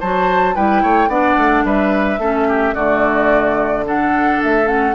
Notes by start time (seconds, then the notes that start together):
0.00 F#3 F#4 C5 A5
0.55 G3 E4 B4 G5
0.82 A3 C#5
1.08 B3 D4 D5 F#5
1.37 A3
1.64 G3 B4 E5
2.19 A3 C#4 A4
2.48 G4
2.75 D3 A3 F#4 D5
3.85 D4 A4 F#5
4.43 A3 E5
4.66 C#4 F#5